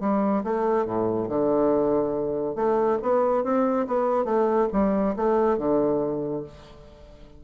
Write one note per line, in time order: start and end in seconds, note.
0.00 0.43 G3
0.44 0.85 A3
0.85 1.28 A2
1.28 2.55 D3
2.55 2.98 A3
3.02 3.43 B3
3.43 3.86 C4
3.87 4.24 B3
4.24 4.67 A3
4.72 5.15 G3
5.16 5.58 A3
5.58 6.43 D3